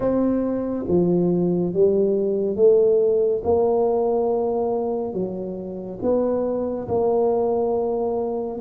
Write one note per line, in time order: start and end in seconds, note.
0.00 0.85 C4
0.88 1.73 F3
1.73 2.56 G3
2.56 3.41 A3
3.44 5.13 A#3
5.13 5.98 F#3
6.02 6.87 B3
6.88 8.59 A#3